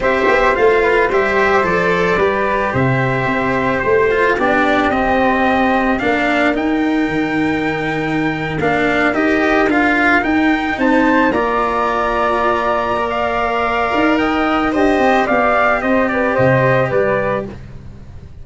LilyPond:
<<
  \new Staff \with { instrumentName = "trumpet" } { \time 4/4 \tempo 4 = 110 e''4 f''4 e''4 d''4~ | d''4 e''2 c''4 | d''4 dis''2 f''4 | g''2.~ g''8. f''16~ |
f''8. dis''4 f''4 g''4 a''16~ | a''8. ais''2.~ ais''16 | f''2 g''4 dis''4 | f''4 dis''8 d''8 dis''4 d''4 | }
  \new Staff \with { instrumentName = "flute" } { \time 4/4 c''4. b'8 c''2 | b'4 c''2. | g'2. ais'4~ | ais'1~ |
ais'2.~ ais'8. c''16~ | c''8. d''2.~ d''16~ | d''2 dis''4 g'4 | d''4 c''8 b'8 c''4 b'4 | }
  \new Staff \with { instrumentName = "cello" } { \time 4/4 g'4 f'4 g'4 a'4 | g'2.~ g'8 f'8 | d'4 c'2 d'4 | dis'2.~ dis'8. d'16~ |
d'8. g'4 f'4 dis'4~ dis'16~ | dis'8. f'2. ais'16~ | ais'2. c''4 | g'1 | }
  \new Staff \with { instrumentName = "tuba" } { \time 4/4 c'8 b8 a4 g4 f4 | g4 c4 c'4 a4 | b4 c'2 ais4 | dis'4 dis2~ dis8. ais16~ |
ais8. dis'4 d'4 dis'4 c'16~ | c'8. ais2.~ ais16~ | ais4. dis'4. d'8 c'8 | b4 c'4 c4 g4 | }
>>